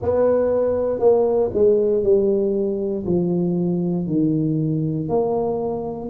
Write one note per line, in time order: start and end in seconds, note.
0.02 0.99 B3
0.99 1.50 A#3
1.53 2.03 G#3
2.03 3.05 G3
3.06 4.07 F3
4.07 5.08 D#3
5.08 6.09 A#3